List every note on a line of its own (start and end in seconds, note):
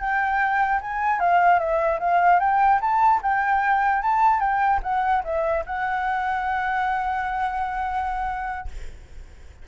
0.00 0.81 G5
0.81 1.20 G#5
1.20 1.59 F5
1.59 1.99 E5
2.00 2.40 F5
2.40 2.80 G5
2.81 3.21 A5
3.22 4.03 G5
4.03 4.40 A5
4.40 4.80 G5
4.83 5.23 F#5
5.24 5.64 E5
5.66 8.68 F#5